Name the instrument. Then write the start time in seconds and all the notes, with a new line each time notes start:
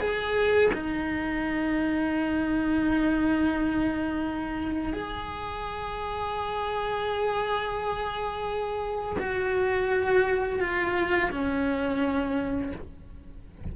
cello
0.00 G#4
0.73 D#4
4.93 G#4
9.19 F#4
10.60 F4
11.31 C#4